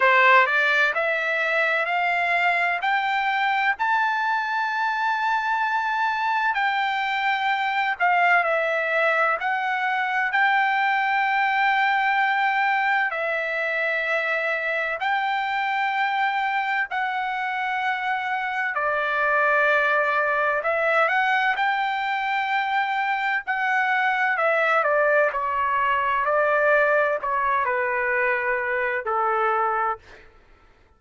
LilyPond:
\new Staff \with { instrumentName = "trumpet" } { \time 4/4 \tempo 4 = 64 c''8 d''8 e''4 f''4 g''4 | a''2. g''4~ | g''8 f''8 e''4 fis''4 g''4~ | g''2 e''2 |
g''2 fis''2 | d''2 e''8 fis''8 g''4~ | g''4 fis''4 e''8 d''8 cis''4 | d''4 cis''8 b'4. a'4 | }